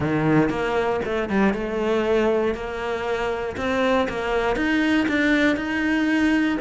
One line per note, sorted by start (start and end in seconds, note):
0.00 0.49 D#3
0.49 1.00 A#3
1.04 1.29 A3
1.29 1.53 G3
1.53 2.54 A3
2.54 3.56 A#3
3.56 4.07 C4
4.08 4.56 A#3
4.56 5.07 D#4
5.08 5.56 D4
5.56 6.58 D#4